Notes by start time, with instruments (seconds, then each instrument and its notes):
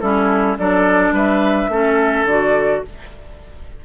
0.00 bassoon G3, clarinet C#4, oboe E4, flute A4
0.58 bassoon F#3, clarinet D4, oboe A4, flute D5
1.12 bassoon G3, oboe B4, flute E5
1.68 bassoon A3, clarinet C#4, oboe A4
2.24 bassoon D3, clarinet F#4, flute D5